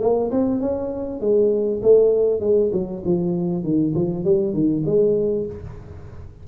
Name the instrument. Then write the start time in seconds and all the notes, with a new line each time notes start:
tuba
0.00 A#3
0.31 C4
0.60 C#4
1.20 G#3
1.82 A3
2.40 G#3
2.72 F#3
3.05 F3
3.63 D#3
3.95 F3
4.24 G3
4.53 D#3
4.85 G#3